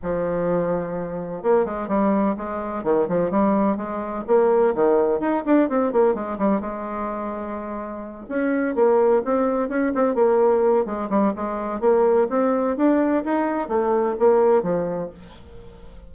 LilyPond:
\new Staff \with { instrumentName = "bassoon" } { \time 4/4 \tempo 4 = 127 f2. ais8 gis8 | g4 gis4 dis8 f8 g4 | gis4 ais4 dis4 dis'8 d'8 | c'8 ais8 gis8 g8 gis2~ |
gis4. cis'4 ais4 c'8~ | c'8 cis'8 c'8 ais4. gis8 g8 | gis4 ais4 c'4 d'4 | dis'4 a4 ais4 f4 | }